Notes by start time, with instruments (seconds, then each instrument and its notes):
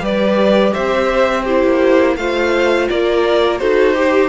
0.00 cello G3, viola G4, violin B4 D5
0.73 cello C4, violin C5 E5
1.43 viola E4, violin G4 C5
1.64 cello A#3
2.16 cello A3, viola F4, violin C5 F5
2.89 cello A#3, violin A#4 D5
3.58 cello D#4, viola F#4, violin A4 C5
3.94 viola G4, violin G4